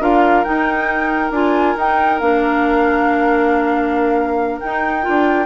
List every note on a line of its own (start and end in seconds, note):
0.00 0.44 D4
0.00 0.45 F4
0.00 5.46 A#4
0.00 0.44 F5
0.44 1.33 D#4
0.44 1.31 D#4
0.44 1.31 G5
1.31 1.74 D4
1.31 1.76 F4
1.31 1.77 G#5
1.77 2.20 D#4
1.77 2.21 D#4
1.77 2.19 G5
2.19 4.61 A#3
2.19 4.62 D4
2.19 4.60 F5
4.60 5.02 D#4
4.60 5.07 D#4
4.60 5.46 G5
5.02 5.45 F4
5.08 5.46 D4